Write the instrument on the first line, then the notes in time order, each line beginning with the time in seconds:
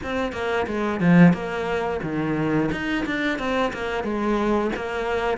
cello
0.03 C4
0.32 A#3
0.66 G#3
1.00 F3
1.33 A#3
2.03 D#3
2.71 D#4
3.06 D4
3.38 C4
3.73 A#3
4.03 G#3
4.76 A#3